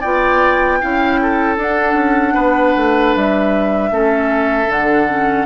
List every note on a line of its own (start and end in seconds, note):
0.00 0.82 B3
0.00 0.81 F4
0.00 0.78 D5
0.00 1.56 G5
0.81 1.57 C#4
0.81 1.57 E4
0.81 1.20 F5
1.22 2.34 A4
1.57 1.94 D4
1.57 3.91 D4
1.57 3.15 F#5
1.94 2.32 C#4
2.34 2.74 B3
2.34 3.90 B4
2.76 3.15 A3
3.15 3.90 G3
3.15 4.71 E5
3.90 4.67 A3
3.90 4.67 C#4
3.90 5.46 A4
4.67 5.45 D3
4.67 5.06 D4
4.67 5.46 F#5
5.08 5.46 C#4